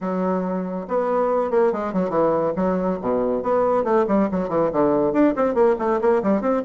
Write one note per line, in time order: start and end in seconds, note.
0.00 0.86 F#3
0.88 1.50 B3
1.50 1.72 A#3
1.72 1.93 G#3
1.93 2.09 F#3
2.09 2.52 E3
2.56 2.98 F#3
3.01 3.43 B2
3.43 3.84 B3
3.84 4.05 A3
4.07 4.29 G3
4.31 4.48 F#3
4.48 4.70 E3
4.72 5.12 D3
5.12 5.34 D4
5.36 5.54 C4
5.54 5.75 A#3
5.78 6.00 A3
6.01 6.22 A#3
6.23 6.41 G3
6.41 6.62 C4